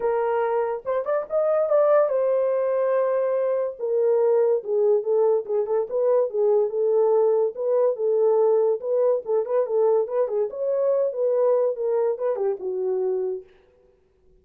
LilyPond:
\new Staff \with { instrumentName = "horn" } { \time 4/4 \tempo 4 = 143 ais'2 c''8 d''8 dis''4 | d''4 c''2.~ | c''4 ais'2 gis'4 | a'4 gis'8 a'8 b'4 gis'4 |
a'2 b'4 a'4~ | a'4 b'4 a'8 b'8 a'4 | b'8 gis'8 cis''4. b'4. | ais'4 b'8 g'8 fis'2 | }